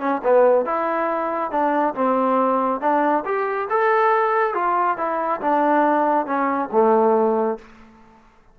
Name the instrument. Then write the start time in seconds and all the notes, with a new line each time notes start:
trombone
0.00 C#4
0.24 B3
0.66 E4
1.51 D4
1.95 C4
2.81 D4
3.25 G4
3.70 A4
4.54 F4
4.97 E4
5.41 D4
6.26 C#4
6.72 A3